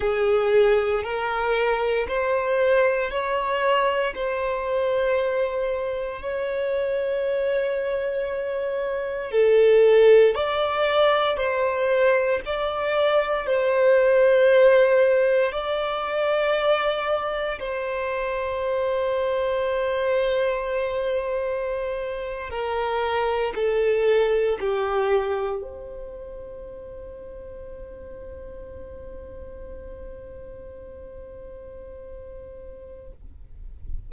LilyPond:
\new Staff \with { instrumentName = "violin" } { \time 4/4 \tempo 4 = 58 gis'4 ais'4 c''4 cis''4 | c''2 cis''2~ | cis''4 a'4 d''4 c''4 | d''4 c''2 d''4~ |
d''4 c''2.~ | c''4.~ c''16 ais'4 a'4 g'16~ | g'8. c''2.~ c''16~ | c''1 | }